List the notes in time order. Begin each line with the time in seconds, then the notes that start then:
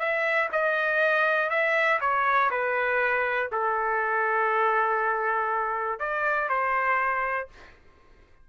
0.00 E5
0.53 D#5
1.50 E5
2.01 C#5
2.51 B4
3.52 A4
6.00 D5
6.50 C5